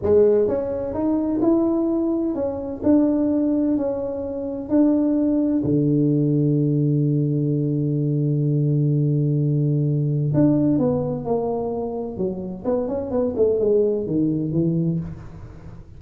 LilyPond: \new Staff \with { instrumentName = "tuba" } { \time 4/4 \tempo 4 = 128 gis4 cis'4 dis'4 e'4~ | e'4 cis'4 d'2 | cis'2 d'2 | d1~ |
d1~ | d2 d'4 b4 | ais2 fis4 b8 cis'8 | b8 a8 gis4 dis4 e4 | }